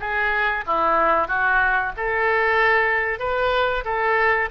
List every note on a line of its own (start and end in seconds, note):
0.00 0.65 G#4
0.66 1.28 E4
1.28 1.92 F#4
1.97 3.19 A4
3.19 3.84 B4
3.85 4.49 A4